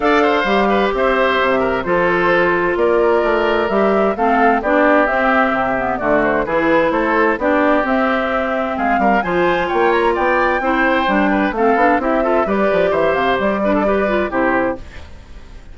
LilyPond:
<<
  \new Staff \with { instrumentName = "flute" } { \time 4/4 \tempo 4 = 130 f''2 e''2 | c''2 d''2 | e''4 f''4 d''4 e''4~ | e''4 d''8 c''8 b'4 c''4 |
d''4 e''2 f''4 | gis''4 g''8 ais''8 g''2~ | g''4 f''4 e''4 d''4 | e''8 f''8 d''2 c''4 | }
  \new Staff \with { instrumentName = "oboe" } { \time 4/4 d''8 c''4 b'8 c''4. ais'8 | a'2 ais'2~ | ais'4 a'4 g'2~ | g'4 fis'4 gis'4 a'4 |
g'2. gis'8 ais'8 | c''4 cis''4 d''4 c''4~ | c''8 b'8 a'4 g'8 a'8 b'4 | c''4. b'16 a'16 b'4 g'4 | }
  \new Staff \with { instrumentName = "clarinet" } { \time 4/4 a'4 g'2. | f'1 | g'4 c'4 d'4 c'4~ | c'8 b8 a4 e'2 |
d'4 c'2. | f'2. e'4 | d'4 c'8 d'8 e'8 f'8 g'4~ | g'4. d'8 g'8 f'8 e'4 | }
  \new Staff \with { instrumentName = "bassoon" } { \time 4/4 d'4 g4 c'4 c4 | f2 ais4 a4 | g4 a4 b4 c'4 | c4 d4 e4 a4 |
b4 c'2 gis8 g8 | f4 ais4 b4 c'4 | g4 a8 b8 c'4 g8 f8 | e8 c8 g2 c4 | }
>>